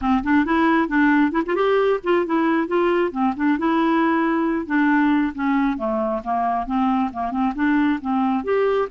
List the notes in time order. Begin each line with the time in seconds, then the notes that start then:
0.01 C4
0.23 D4
0.45 E4
0.88 D4
1.31 E4
1.46 F4
1.55 G4
2.03 F4
2.25 E4
2.67 F4
3.11 C4
3.36 D4
3.58 E4
4.66 D4
5.34 C#4
5.77 A3
6.24 A#3
6.66 C4
7.13 A#3
7.31 C4
7.55 D4
8.01 C4
8.43 G4